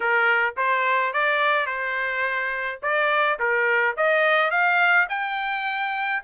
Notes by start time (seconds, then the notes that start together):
0.00 A#4
0.56 C5
1.13 D5
1.66 C5
2.82 D5
3.39 A#4
3.96 D#5
4.50 F5
5.09 G5